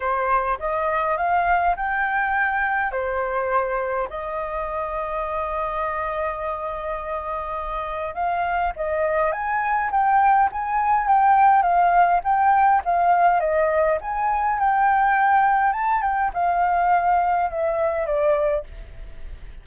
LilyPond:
\new Staff \with { instrumentName = "flute" } { \time 4/4 \tempo 4 = 103 c''4 dis''4 f''4 g''4~ | g''4 c''2 dis''4~ | dis''1~ | dis''2 f''4 dis''4 |
gis''4 g''4 gis''4 g''4 | f''4 g''4 f''4 dis''4 | gis''4 g''2 a''8 g''8 | f''2 e''4 d''4 | }